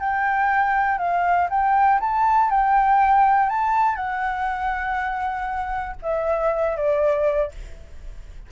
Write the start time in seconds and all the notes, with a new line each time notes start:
0.00 G5
0.99 F5
1.50 G5
2.01 A5
2.51 G5
3.50 A5
3.96 F#5
6.03 E5
6.77 D5